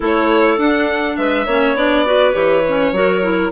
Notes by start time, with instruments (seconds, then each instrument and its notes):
0.00 bassoon A3, clarinet E4 A4, violin C#5
0.57 bassoon D4, clarinet D4, violin F#5
1.16 bassoon G#3, clarinet B4, violin E5
1.46 bassoon A#3, clarinet C#4 C#5
1.74 bassoon B3, clarinet D4, violin D5
2.04 clarinet F#4 B4
2.32 bassoon E3, clarinet G4, violin C#5
2.68 clarinet C#4
2.92 bassoon F#3, clarinet F#4 A#4
3.22 clarinet E4